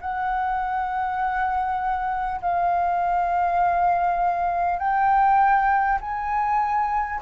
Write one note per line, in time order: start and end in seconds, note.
0.00 2.40 F#5
2.41 4.78 F5
4.78 5.98 G5
6.00 7.20 G#5